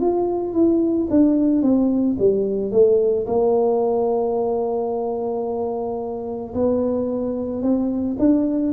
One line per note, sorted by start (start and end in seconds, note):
0.00 0.54 F4
0.54 1.08 E4
1.11 1.62 D4
1.62 2.17 C4
2.19 2.72 G3
2.72 3.26 A3
3.27 6.54 A#3
6.54 7.62 B3
7.62 8.17 C4
8.19 8.73 D4